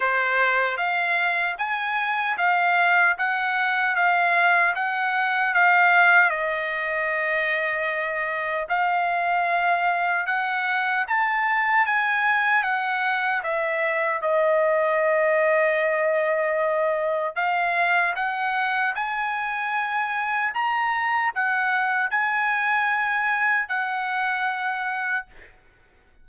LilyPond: \new Staff \with { instrumentName = "trumpet" } { \time 4/4 \tempo 4 = 76 c''4 f''4 gis''4 f''4 | fis''4 f''4 fis''4 f''4 | dis''2. f''4~ | f''4 fis''4 a''4 gis''4 |
fis''4 e''4 dis''2~ | dis''2 f''4 fis''4 | gis''2 ais''4 fis''4 | gis''2 fis''2 | }